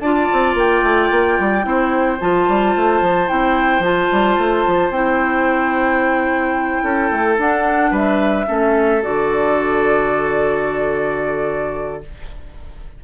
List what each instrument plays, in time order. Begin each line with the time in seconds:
0.00 bassoon D4, clarinet F4, oboe D5, flute A5
0.32 bassoon C4
0.54 bassoon A#3, flute G5
0.83 bassoon A3
1.11 bassoon A#3
1.39 bassoon G3
1.63 bassoon C4, clarinet E4, oboe C5
2.20 bassoon F3, clarinet F4, flute A5
2.48 bassoon G3
2.76 bassoon A3
3.01 bassoon F3
3.27 bassoon C4, clarinet E4, flute G5
3.79 bassoon F3, clarinet F4, flute A5
4.12 bassoon G3
4.38 bassoon A3
4.67 bassoon F3
4.90 bassoon C4, clarinet E4, flute G5
6.83 bassoon C#4, oboe A4
7.11 bassoon A3
7.38 bassoon D4, clarinet D4, flute F#5
7.91 bassoon G3, oboe B4, flute E5
8.46 bassoon A3, clarinet C#4, oboe A4
9.02 bassoon D3, clarinet F#4, flute D5